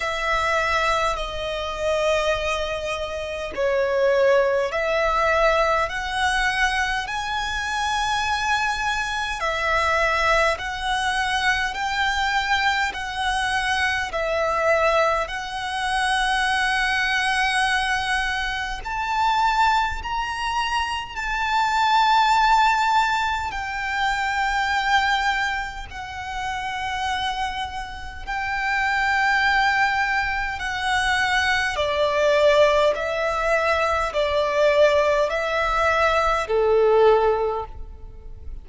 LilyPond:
\new Staff \with { instrumentName = "violin" } { \time 4/4 \tempo 4 = 51 e''4 dis''2 cis''4 | e''4 fis''4 gis''2 | e''4 fis''4 g''4 fis''4 | e''4 fis''2. |
a''4 ais''4 a''2 | g''2 fis''2 | g''2 fis''4 d''4 | e''4 d''4 e''4 a'4 | }